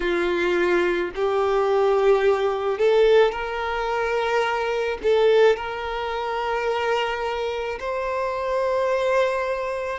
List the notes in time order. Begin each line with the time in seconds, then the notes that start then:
0.00 F4
1.15 G4
2.78 A4
3.31 A#4
5.03 A4
5.56 A#4
7.79 C5